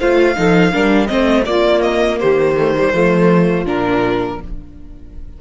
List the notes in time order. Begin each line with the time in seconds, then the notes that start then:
0.00 A3 F4 C5 F5
0.36 F3 D#4 A4
0.73 G3 D4 A#4
1.07 A3 C4 C5 D#5
1.46 A#3 F4 D5
1.82 D#5
2.19 D#3 G4 C5
2.57 A3
2.77 G3
2.91 F3 A3 F4
3.66 A#2 D4 A#4